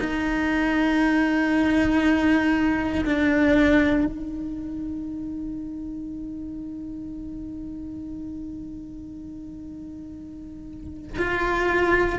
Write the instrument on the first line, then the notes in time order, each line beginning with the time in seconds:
cello
0.00 D#4
3.06 D4
4.06 D#4
11.18 F4